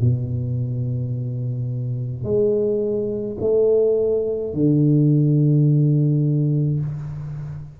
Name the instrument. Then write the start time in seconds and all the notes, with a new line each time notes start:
tuba
0.00 B2
2.23 G#3
3.40 A3
4.53 D3